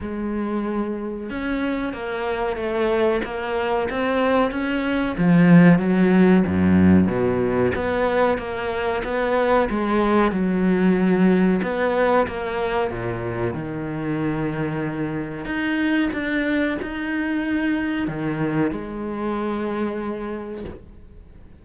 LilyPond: \new Staff \with { instrumentName = "cello" } { \time 4/4 \tempo 4 = 93 gis2 cis'4 ais4 | a4 ais4 c'4 cis'4 | f4 fis4 fis,4 b,4 | b4 ais4 b4 gis4 |
fis2 b4 ais4 | ais,4 dis2. | dis'4 d'4 dis'2 | dis4 gis2. | }